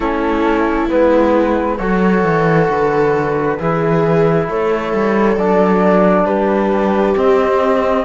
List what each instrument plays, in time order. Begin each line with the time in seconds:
0.00 cello A3, trombone C#4, viola E4, flute A4
0.89 cello G#3, trombone B3, flute B4
1.77 cello F#3, trombone F#4, viola A4, flute C#5
2.23 cello E3
2.69 cello D3, flute B4
3.58 cello E3, trombone E4, viola G#4
4.49 cello A3, viola A4, flute C#5
4.93 cello G3
5.36 cello F#3, trombone D4, flute D5
6.24 cello G3, viola G4, flute B4
7.15 trombone C4, cello C4, flute D#5